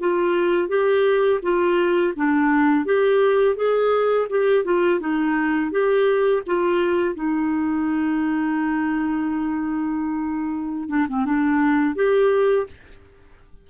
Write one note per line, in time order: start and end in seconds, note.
0.00 0.68 F4
0.68 1.40 G4
1.42 2.13 F4
2.16 2.85 D4
2.85 3.56 G4
3.56 4.27 G#4
4.29 4.64 G4
4.64 5.00 F4
5.00 5.71 D#4
5.71 6.42 G4
6.46 7.15 F4
7.15 10.89 D#4
10.89 11.06 D4
11.08 11.25 C4
11.25 11.95 D4
11.95 12.66 G4